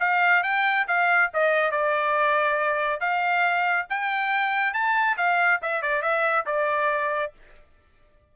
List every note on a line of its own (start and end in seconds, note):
0.00 0.43 F5
0.43 0.86 G5
0.88 1.31 F5
1.33 1.71 D#5
1.71 3.00 D5
3.00 3.87 F5
3.89 4.73 G5
4.73 5.17 A5
5.17 5.60 F5
5.62 5.82 E5
5.82 6.02 D5
6.02 6.45 E5
6.46 7.32 D5